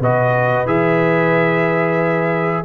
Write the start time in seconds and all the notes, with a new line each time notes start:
0.00 B2 F#4 B4 D#5
0.65 E3 G#4 E5